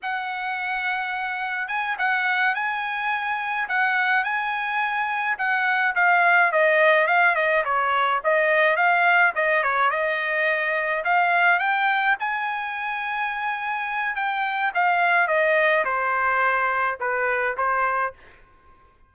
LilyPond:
\new Staff \with { instrumentName = "trumpet" } { \time 4/4 \tempo 4 = 106 fis''2. gis''8 fis''8~ | fis''8 gis''2 fis''4 gis''8~ | gis''4. fis''4 f''4 dis''8~ | dis''8 f''8 dis''8 cis''4 dis''4 f''8~ |
f''8 dis''8 cis''8 dis''2 f''8~ | f''8 g''4 gis''2~ gis''8~ | gis''4 g''4 f''4 dis''4 | c''2 b'4 c''4 | }